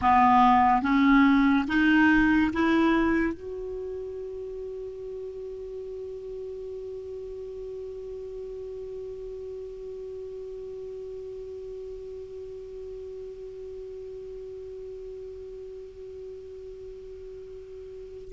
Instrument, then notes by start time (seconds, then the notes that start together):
clarinet
0.02 B3
0.81 C#4
1.67 D#4
2.53 E4
3.33 F#4